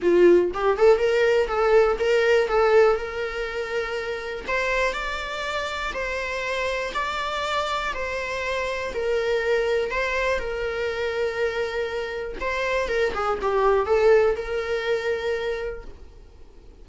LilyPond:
\new Staff \with { instrumentName = "viola" } { \time 4/4 \tempo 4 = 121 f'4 g'8 a'8 ais'4 a'4 | ais'4 a'4 ais'2~ | ais'4 c''4 d''2 | c''2 d''2 |
c''2 ais'2 | c''4 ais'2.~ | ais'4 c''4 ais'8 gis'8 g'4 | a'4 ais'2. | }